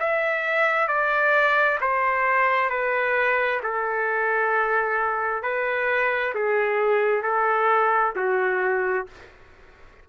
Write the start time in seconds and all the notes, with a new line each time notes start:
0.00 E5
0.88 D5
1.81 C5
2.70 B4
3.63 A4
5.43 B4
6.35 G#4
7.23 A4
8.16 F#4